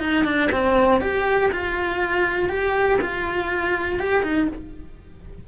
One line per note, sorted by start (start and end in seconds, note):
0.00 0.25 D#4
0.25 0.50 D4
0.52 1.01 C4
1.01 1.51 G4
1.52 2.50 F4
2.50 2.99 G4
3.02 3.99 F4
3.99 4.23 G4
4.23 4.48 D#4